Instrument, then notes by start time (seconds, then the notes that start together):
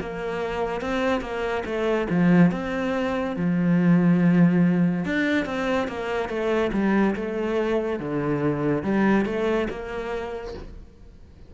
cello
0.00 A#3
0.81 C4
1.21 A#3
1.65 A3
2.10 F3
2.52 C4
3.36 F3
5.05 D4
5.45 C4
5.88 A#3
6.29 A3
6.73 G3
7.16 A3
7.99 D3
8.83 G3
9.25 A3
9.70 A#3